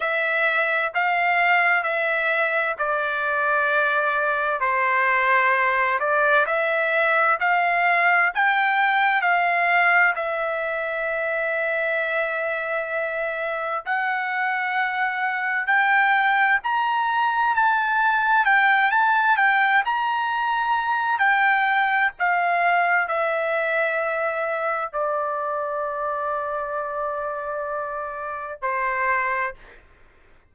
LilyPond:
\new Staff \with { instrumentName = "trumpet" } { \time 4/4 \tempo 4 = 65 e''4 f''4 e''4 d''4~ | d''4 c''4. d''8 e''4 | f''4 g''4 f''4 e''4~ | e''2. fis''4~ |
fis''4 g''4 ais''4 a''4 | g''8 a''8 g''8 ais''4. g''4 | f''4 e''2 d''4~ | d''2. c''4 | }